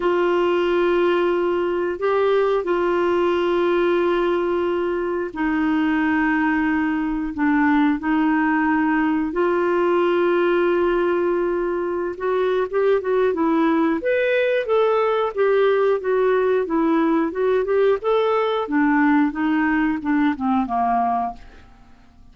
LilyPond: \new Staff \with { instrumentName = "clarinet" } { \time 4/4 \tempo 4 = 90 f'2. g'4 | f'1 | dis'2. d'4 | dis'2 f'2~ |
f'2~ f'16 fis'8. g'8 fis'8 | e'4 b'4 a'4 g'4 | fis'4 e'4 fis'8 g'8 a'4 | d'4 dis'4 d'8 c'8 ais4 | }